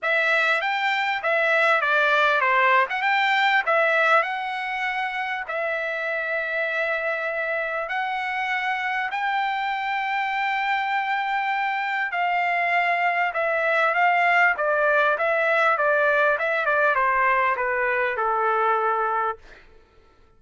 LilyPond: \new Staff \with { instrumentName = "trumpet" } { \time 4/4 \tempo 4 = 99 e''4 g''4 e''4 d''4 | c''8. fis''16 g''4 e''4 fis''4~ | fis''4 e''2.~ | e''4 fis''2 g''4~ |
g''1 | f''2 e''4 f''4 | d''4 e''4 d''4 e''8 d''8 | c''4 b'4 a'2 | }